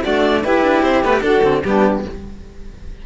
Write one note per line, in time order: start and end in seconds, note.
0.00 0.45 A3
0.00 0.44 D4
0.00 0.40 F#4
0.00 0.44 D5
0.42 0.62 E4
0.42 1.05 E4
0.42 1.22 G4
0.42 0.83 B4
0.62 0.82 D4
0.82 1.02 C4
0.82 1.03 C5
1.03 1.23 A3
1.03 1.13 B3
1.03 1.21 B4
1.13 1.21 G4
1.21 1.41 D4
1.21 1.43 D4
1.21 1.62 F#4
1.21 1.61 A4
1.43 1.63 D3
1.43 1.63 C4
1.63 2.04 G3
1.63 2.05 B3
1.63 2.06 D4
1.63 2.03 G4